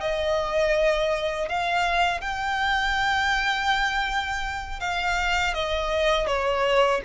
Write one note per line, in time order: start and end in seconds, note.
0.00 1.48 D#5
1.48 2.21 F5
2.21 4.79 G5
4.79 5.54 F5
5.54 6.27 D#5
6.27 7.01 C#5